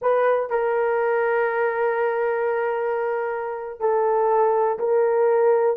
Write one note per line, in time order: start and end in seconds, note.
0.01 0.50 B4
0.50 3.80 A#4
3.80 4.78 A4
4.78 5.76 A#4